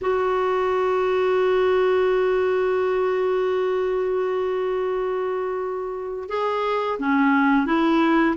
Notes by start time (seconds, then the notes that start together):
0.01 F#4
6.29 G#4
6.99 C#4
7.66 E4